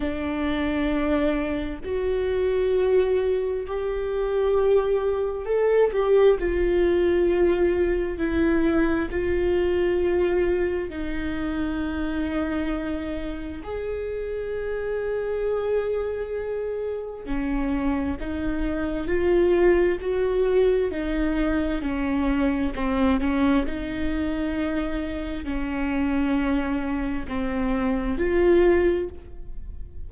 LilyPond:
\new Staff \with { instrumentName = "viola" } { \time 4/4 \tempo 4 = 66 d'2 fis'2 | g'2 a'8 g'8 f'4~ | f'4 e'4 f'2 | dis'2. gis'4~ |
gis'2. cis'4 | dis'4 f'4 fis'4 dis'4 | cis'4 c'8 cis'8 dis'2 | cis'2 c'4 f'4 | }